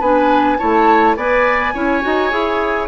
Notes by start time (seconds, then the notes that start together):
0.00 B3 D4 B4 G#5
0.58 A3 E4 C#5 A5
1.16 B3 B4 D5 G#5
1.74 C#4 E4 C#5
2.01 D#4 F#4
2.30 E4 G#4